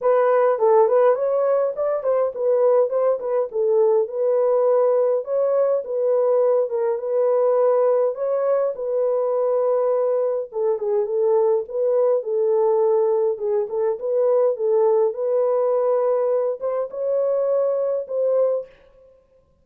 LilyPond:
\new Staff \with { instrumentName = "horn" } { \time 4/4 \tempo 4 = 103 b'4 a'8 b'8 cis''4 d''8 c''8 | b'4 c''8 b'8 a'4 b'4~ | b'4 cis''4 b'4. ais'8 | b'2 cis''4 b'4~ |
b'2 a'8 gis'8 a'4 | b'4 a'2 gis'8 a'8 | b'4 a'4 b'2~ | b'8 c''8 cis''2 c''4 | }